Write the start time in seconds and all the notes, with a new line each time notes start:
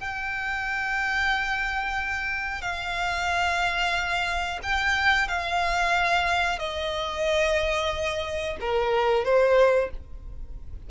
0.00 G5
2.62 F5
4.63 G5
5.28 F5
6.59 D#5
8.60 A#4
9.25 C5